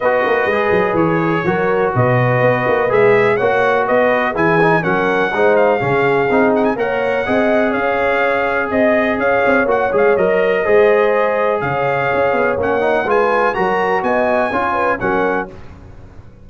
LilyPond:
<<
  \new Staff \with { instrumentName = "trumpet" } { \time 4/4 \tempo 4 = 124 dis''2 cis''2 | dis''2 e''4 fis''4 | dis''4 gis''4 fis''4. f''8~ | f''4. fis''16 gis''16 fis''2 |
f''2 dis''4 f''4 | fis''8 f''8 dis''2. | f''2 fis''4 gis''4 | ais''4 gis''2 fis''4 | }
  \new Staff \with { instrumentName = "horn" } { \time 4/4 b'2. ais'4 | b'2. cis''4 | b'4 gis'4 ais'4 c''4 | gis'2 cis''4 dis''4 |
cis''2 dis''4 cis''4~ | cis''2 c''2 | cis''2. b'4 | ais'4 dis''4 cis''8 b'8 ais'4 | }
  \new Staff \with { instrumentName = "trombone" } { \time 4/4 fis'4 gis'2 fis'4~ | fis'2 gis'4 fis'4~ | fis'4 e'8 dis'8 cis'4 dis'4 | cis'4 dis'4 ais'4 gis'4~ |
gis'1 | fis'8 gis'8 ais'4 gis'2~ | gis'2 cis'8 dis'8 f'4 | fis'2 f'4 cis'4 | }
  \new Staff \with { instrumentName = "tuba" } { \time 4/4 b8 ais8 gis8 fis8 e4 fis4 | b,4 b8 ais8 gis4 ais4 | b4 e4 fis4 gis4 | cis4 c'4 ais4 c'4 |
cis'2 c'4 cis'8 c'8 | ais8 gis8 fis4 gis2 | cis4 cis'8 b8 ais4 gis4 | fis4 b4 cis'4 fis4 | }
>>